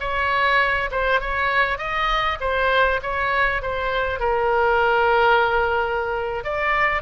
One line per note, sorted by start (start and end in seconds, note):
0.00 0.90 C#5
0.91 1.21 C5
1.21 1.78 C#5
1.78 2.38 D#5
2.41 3.01 C5
3.02 3.62 C#5
3.62 4.20 C5
4.20 6.44 A#4
6.44 7.02 D5